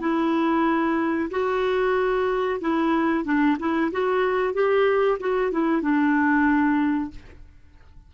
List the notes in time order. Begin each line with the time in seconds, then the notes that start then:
0.00 E4
1.30 F#4
2.60 E4
3.24 D4
3.59 E4
3.91 F#4
4.54 G4
5.20 F#4
5.52 E4
5.82 D4